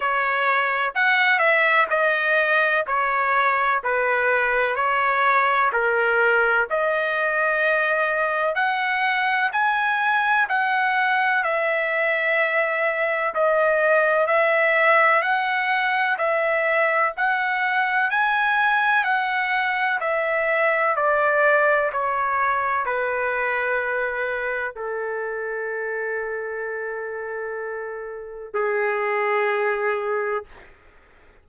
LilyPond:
\new Staff \with { instrumentName = "trumpet" } { \time 4/4 \tempo 4 = 63 cis''4 fis''8 e''8 dis''4 cis''4 | b'4 cis''4 ais'4 dis''4~ | dis''4 fis''4 gis''4 fis''4 | e''2 dis''4 e''4 |
fis''4 e''4 fis''4 gis''4 | fis''4 e''4 d''4 cis''4 | b'2 a'2~ | a'2 gis'2 | }